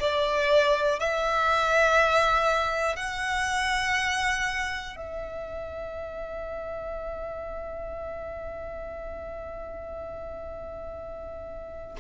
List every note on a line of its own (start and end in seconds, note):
0.00 1.00 D5
1.00 2.96 E5
2.96 4.96 F#5
4.96 11.96 E5